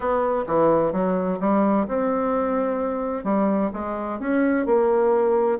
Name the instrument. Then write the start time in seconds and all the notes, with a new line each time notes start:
bassoon
0.00 B3
0.46 E3
0.92 F#3
1.40 G3
1.88 C4
3.23 G3
3.73 G#3
4.19 C#4
4.66 A#3